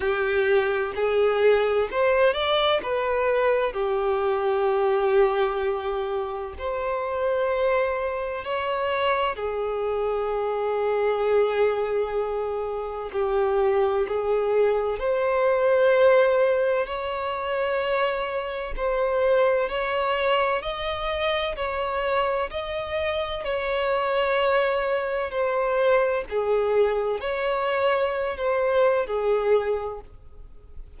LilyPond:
\new Staff \with { instrumentName = "violin" } { \time 4/4 \tempo 4 = 64 g'4 gis'4 c''8 d''8 b'4 | g'2. c''4~ | c''4 cis''4 gis'2~ | gis'2 g'4 gis'4 |
c''2 cis''2 | c''4 cis''4 dis''4 cis''4 | dis''4 cis''2 c''4 | gis'4 cis''4~ cis''16 c''8. gis'4 | }